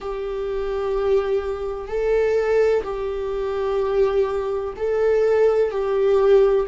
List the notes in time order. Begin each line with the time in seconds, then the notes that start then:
0.00 G4
1.88 A4
2.83 G4
4.76 A4
5.71 G4